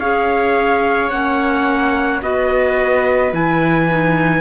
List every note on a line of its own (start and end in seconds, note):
0.00 1.11 C#4
0.00 1.11 G#4
0.00 2.22 C#5
0.00 1.10 F5
1.10 2.22 A#3
1.10 2.22 C#4
1.10 2.21 F#5
2.22 3.33 B3
2.22 3.32 F#4
2.22 4.42 B4
2.22 3.34 D#5
3.32 4.42 E3
3.32 3.88 E4
3.32 4.42 G#5
3.89 4.42 D#4